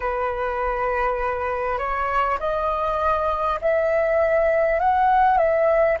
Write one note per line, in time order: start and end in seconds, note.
0.00 1.78 B4
1.78 2.38 C#5
2.39 3.59 D#5
3.61 4.79 E5
4.79 5.37 F#5
5.37 5.97 E5